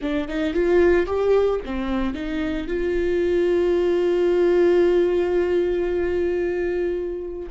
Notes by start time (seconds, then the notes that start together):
0.01 D4
0.28 D#4
0.53 F4
1.06 G4
1.65 C4
2.14 D#4
2.67 F4